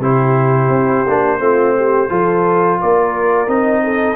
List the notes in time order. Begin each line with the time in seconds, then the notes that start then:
0.00 C3 E4 G4 C5
0.70 C4
1.07 A#3 D4
1.40 A3 C4 F4
1.77 G4
2.10 F3 F4 A4
2.81 A#3 A#4 D5
3.48 C4 D#4 D#5
3.84 A4